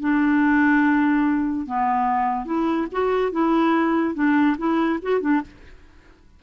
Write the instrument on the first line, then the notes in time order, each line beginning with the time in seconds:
clarinet
0.00 D4
1.66 B3
2.45 E4
2.91 F#4
3.31 E4
4.14 D4
4.57 E4
5.02 F#4
5.20 D4